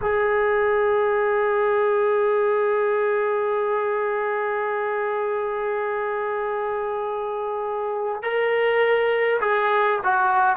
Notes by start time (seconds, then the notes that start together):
0.01 G#4
8.22 A#4
9.41 G#4
10.03 F#4